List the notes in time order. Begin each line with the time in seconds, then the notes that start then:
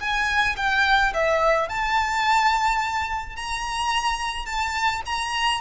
0.00 G#5
0.57 G5
1.14 E5
1.69 A5
3.36 A#5
4.46 A5
5.06 A#5